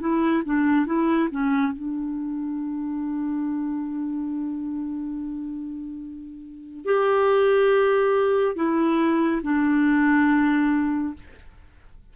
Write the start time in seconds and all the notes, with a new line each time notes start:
0.00 E4
0.45 D4
0.86 E4
1.32 C#4
1.73 D4
6.85 G4
8.56 E4
9.43 D4